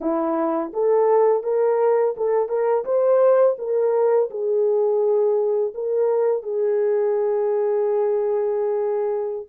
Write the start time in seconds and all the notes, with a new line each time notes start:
0.01 E4
0.73 A4
1.43 A#4
2.16 A4
2.48 A#4
2.84 C5
3.58 A#4
4.30 G#4
5.74 A#4
6.43 G#4